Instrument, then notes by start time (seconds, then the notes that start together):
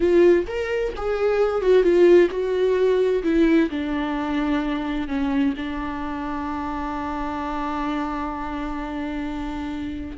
viola
0.00 F4
0.47 A#4
0.96 G#4
1.61 F#4
1.82 F4
2.30 F#4
3.23 E4
3.70 D4
5.07 C#4
5.56 D4